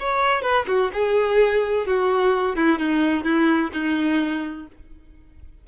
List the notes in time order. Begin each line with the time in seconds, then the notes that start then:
0.00 C#5
0.42 B4
0.68 F#4
0.94 G#4
1.87 F#4
2.56 E4
2.79 D#4
3.24 E4
3.73 D#4